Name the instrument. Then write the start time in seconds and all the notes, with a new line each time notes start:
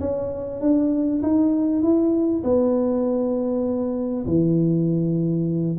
tuba
0.00 C#4
0.61 D4
1.22 D#4
1.82 E4
2.44 B3
4.26 E3